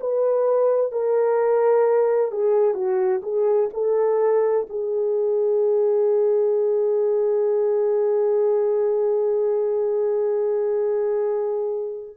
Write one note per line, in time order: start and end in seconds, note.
0.00 0.92 B4
0.92 2.31 A#4
2.31 2.74 G#4
2.74 3.21 F#4
3.22 3.69 G#4
3.73 4.67 A4
4.69 12.16 G#4